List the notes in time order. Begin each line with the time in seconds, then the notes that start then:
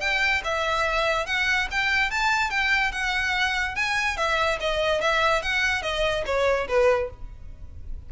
0.00 G5
0.44 E5
1.26 F#5
1.71 G5
2.10 A5
2.50 G5
2.91 F#5
3.75 G#5
4.17 E5
4.60 D#5
5.01 E5
5.42 F#5
5.82 D#5
6.26 C#5
6.68 B4